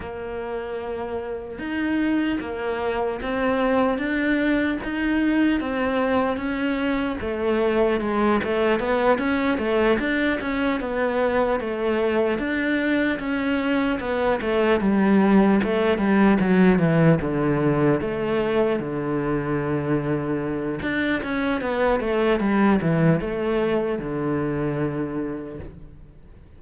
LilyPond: \new Staff \with { instrumentName = "cello" } { \time 4/4 \tempo 4 = 75 ais2 dis'4 ais4 | c'4 d'4 dis'4 c'4 | cis'4 a4 gis8 a8 b8 cis'8 | a8 d'8 cis'8 b4 a4 d'8~ |
d'8 cis'4 b8 a8 g4 a8 | g8 fis8 e8 d4 a4 d8~ | d2 d'8 cis'8 b8 a8 | g8 e8 a4 d2 | }